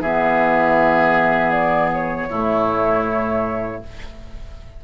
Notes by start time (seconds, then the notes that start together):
0.00 E3 B3 G#4 E5
1.52 D5
1.94 C#5
2.30 A2 A3 E4